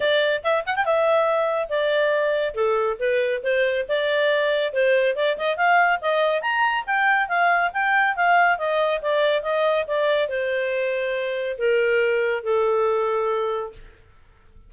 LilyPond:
\new Staff \with { instrumentName = "clarinet" } { \time 4/4 \tempo 4 = 140 d''4 e''8 fis''16 g''16 e''2 | d''2 a'4 b'4 | c''4 d''2 c''4 | d''8 dis''8 f''4 dis''4 ais''4 |
g''4 f''4 g''4 f''4 | dis''4 d''4 dis''4 d''4 | c''2. ais'4~ | ais'4 a'2. | }